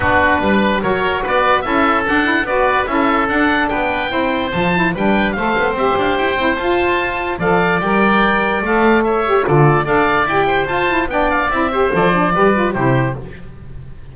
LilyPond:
<<
  \new Staff \with { instrumentName = "oboe" } { \time 4/4 \tempo 4 = 146 b'2 cis''4 d''4 | e''4 fis''4 d''4 e''4 | fis''4 g''2 a''4 | g''4 f''4 e''8 f''8 g''4 |
a''2 f''4 g''4~ | g''4 f''4 e''4 d''4 | f''4 g''4 a''4 g''8 f''8 | e''4 d''2 c''4 | }
  \new Staff \with { instrumentName = "oboe" } { \time 4/4 fis'4 b'4 ais'4 b'4 | a'2 b'4 a'4~ | a'4 b'4 c''2 | b'4 c''2.~ |
c''2 d''2~ | d''2 cis''4 a'4 | d''4. c''4. d''4~ | d''8 c''4. b'4 g'4 | }
  \new Staff \with { instrumentName = "saxophone" } { \time 4/4 d'2 fis'2 | e'4 d'8 e'8 fis'4 e'4 | d'2 e'4 f'8 e'8 | d'4 a'4 g'4. e'8 |
f'2 a'4 ais'4~ | ais'4 a'4. g'8 f'4 | a'4 g'4 f'8 e'8 d'4 | e'8 g'8 a'8 d'8 g'8 f'8 e'4 | }
  \new Staff \with { instrumentName = "double bass" } { \time 4/4 b4 g4 fis4 b4 | cis'4 d'4 b4 cis'4 | d'4 b4 c'4 f4 | g4 a8 b8 c'8 d'8 e'8 c'8 |
f'2 f4 g4~ | g4 a2 d4 | d'4 e'4 f'4 b4 | c'4 f4 g4 c4 | }
>>